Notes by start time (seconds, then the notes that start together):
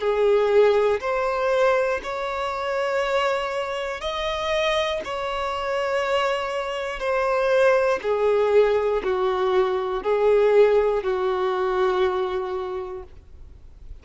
0.00 G#4
1.00 C5
2.03 C#5
4.01 D#5
5.05 C#5
7.00 C5
8.02 G#4
9.03 F#4
10.03 G#4
11.03 F#4